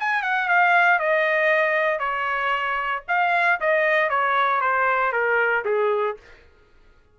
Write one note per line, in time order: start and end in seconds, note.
0.00 0.23 G#5
0.23 0.49 F#5
0.49 0.99 F5
0.99 2.00 D#5
2.00 3.03 C#5
3.09 3.60 F5
3.61 4.10 D#5
4.10 4.61 C#5
4.61 5.13 C5
5.13 5.65 A#4
5.65 6.17 G#4